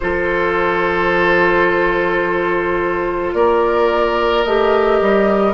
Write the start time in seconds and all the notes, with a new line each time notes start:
0.00 F3 F4 A4 C5
3.33 A#3 A#4 D5
4.43 A3 G4 D#5
5.01 G3